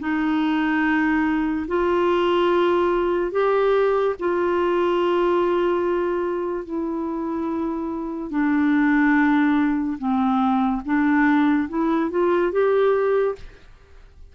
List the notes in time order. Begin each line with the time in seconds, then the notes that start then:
0.00 D#4
1.68 F4
3.32 G4
4.19 F4
6.65 E4
8.31 D4
9.98 C4
10.85 D4
11.69 E4
12.11 F4
12.52 G4